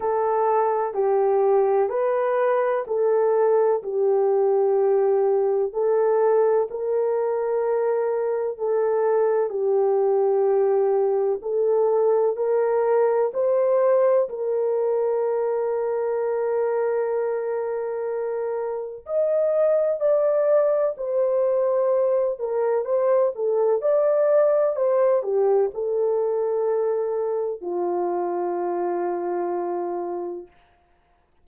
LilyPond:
\new Staff \with { instrumentName = "horn" } { \time 4/4 \tempo 4 = 63 a'4 g'4 b'4 a'4 | g'2 a'4 ais'4~ | ais'4 a'4 g'2 | a'4 ais'4 c''4 ais'4~ |
ais'1 | dis''4 d''4 c''4. ais'8 | c''8 a'8 d''4 c''8 g'8 a'4~ | a'4 f'2. | }